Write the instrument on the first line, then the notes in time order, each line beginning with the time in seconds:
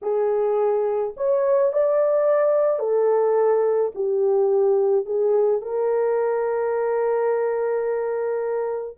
horn
0.02 G#4
1.16 C#5
1.72 D5
2.79 A4
3.94 G4
5.05 G#4
5.61 A#4